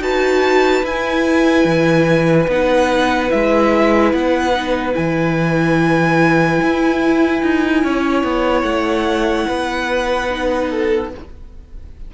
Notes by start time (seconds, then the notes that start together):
0.00 D#4 F#4 B4 A5
0.83 E4 G#5
1.65 E3
2.47 B3 D#4 F#5
3.28 G#3 E4 E5
4.12 B3 F#5
4.54 D#4
4.92 E3 E4 G#5
6.62 E4
7.42 D#4
7.84 C#4 C#5
8.23 B3
8.61 A3 F#5
9.47 B3 B4
10.30 D#4
10.70 A4